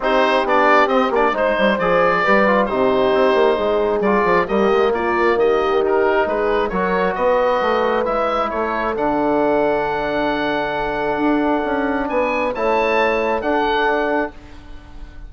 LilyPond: <<
  \new Staff \with { instrumentName = "oboe" } { \time 4/4 \tempo 4 = 134 c''4 d''4 dis''8 d''8 c''4 | d''2 c''2~ | c''4 d''4 dis''4 d''4 | dis''4 ais'4 b'4 cis''4 |
dis''2 e''4 cis''4 | fis''1~ | fis''2. gis''4 | a''2 fis''2 | }
  \new Staff \with { instrumentName = "horn" } { \time 4/4 g'2. c''4~ | c''4 b'4 g'2 | gis'2 g'4 f'4 | g'2 gis'4 ais'4 |
b'2. a'4~ | a'1~ | a'2. b'4 | cis''2 a'2 | }
  \new Staff \with { instrumentName = "trombone" } { \time 4/4 dis'4 d'4 c'8 d'8 dis'4 | gis'4 g'8 f'8 dis'2~ | dis'4 f'4 ais2~ | ais4 dis'2 fis'4~ |
fis'2 e'2 | d'1~ | d'1 | e'2 d'2 | }
  \new Staff \with { instrumentName = "bassoon" } { \time 4/4 c'4 b4 c'8 ais8 gis8 g8 | f4 g4 c4 c'8 ais8 | gis4 g8 f8 g8 gis8 ais4 | dis2 gis4 fis4 |
b4 a4 gis4 a4 | d1~ | d4 d'4 cis'4 b4 | a2 d'2 | }
>>